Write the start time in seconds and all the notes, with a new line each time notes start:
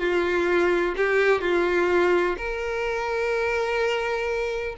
0.00 F4
0.97 G4
1.41 F4
2.38 A#4